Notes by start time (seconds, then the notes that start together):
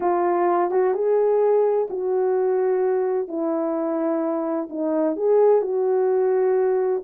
0.00 F4
0.70 F#4
0.94 G#4
1.90 F#4
3.27 E4
4.69 D#4
5.16 G#4
5.61 F#4